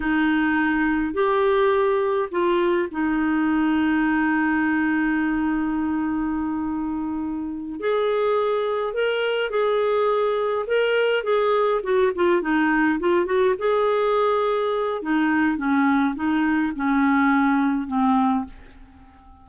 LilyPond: \new Staff \with { instrumentName = "clarinet" } { \time 4/4 \tempo 4 = 104 dis'2 g'2 | f'4 dis'2.~ | dis'1~ | dis'4. gis'2 ais'8~ |
ais'8 gis'2 ais'4 gis'8~ | gis'8 fis'8 f'8 dis'4 f'8 fis'8 gis'8~ | gis'2 dis'4 cis'4 | dis'4 cis'2 c'4 | }